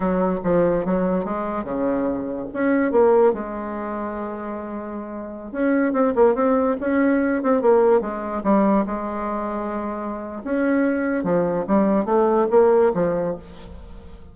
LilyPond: \new Staff \with { instrumentName = "bassoon" } { \time 4/4 \tempo 4 = 144 fis4 f4 fis4 gis4 | cis2 cis'4 ais4 | gis1~ | gis4~ gis16 cis'4 c'8 ais8 c'8.~ |
c'16 cis'4. c'8 ais4 gis8.~ | gis16 g4 gis2~ gis8.~ | gis4 cis'2 f4 | g4 a4 ais4 f4 | }